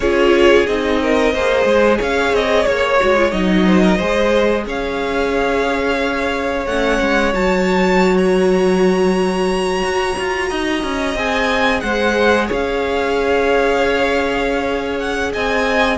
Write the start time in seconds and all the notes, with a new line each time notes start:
0.00 C#4 F4 G#4 C#5
0.66 C4 D#4 D#5
1.01 A#4
1.33 A#3 G#4 C5
1.65 G#3
1.98 C#4 C#5 F5
2.32 C4 D#5
2.65 A#3 C#5
2.99 G#3 F#4
3.16 F4
3.31 F#3 D#4 D#5
3.65 C5
3.82 A#4
3.97 G#3 G#4 C5
4.66 C#4 C#5 F5
6.66 A3 C#4 F#5
7.01 G#3
7.33 F#3 F#4 A5
8.17 A#5
9.82 F#4
10.18 F4
10.49 D#4 D#5
10.83 C#4
11.15 C4 G#4 G#5
11.80 G#3 C5 F#5
12.46 C#4 C#5 F5
14.98 F#5
15.33 C4 D#5 G#5